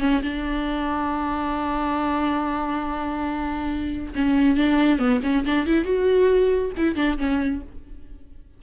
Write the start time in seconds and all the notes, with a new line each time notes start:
0.00 C#4
0.22 D4
4.15 C#4
4.57 D4
4.99 B3
5.23 C#4
5.45 D4
5.66 E4
5.84 F#4
6.77 E4
6.95 D4
7.18 C#4